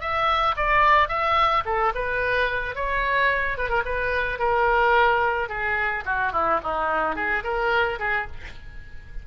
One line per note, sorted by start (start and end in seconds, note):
0.00 0.55 E5
0.56 1.08 D5
1.08 1.63 E5
1.65 1.92 A4
1.95 2.75 B4
2.75 3.57 C#5
3.57 3.69 B4
3.69 3.83 A#4
3.85 4.39 B4
4.39 5.49 A#4
5.49 6.04 G#4
6.05 6.32 F#4
6.32 6.60 E4
6.63 7.16 D#4
7.16 7.43 G#4
7.44 7.99 A#4
7.99 8.26 G#4